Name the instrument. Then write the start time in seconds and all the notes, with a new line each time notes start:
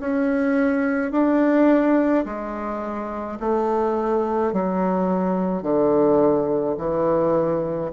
bassoon
0.00 C#4
1.12 D4
2.25 G#3
3.40 A3
4.53 F#3
5.62 D3
6.78 E3